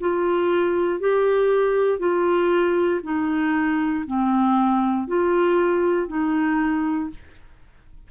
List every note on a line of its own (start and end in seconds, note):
0.00 0.99 F4
0.99 1.99 G4
1.99 3.00 F4
3.03 4.04 D#4
4.06 5.07 C4
5.07 6.08 F4
6.08 7.10 D#4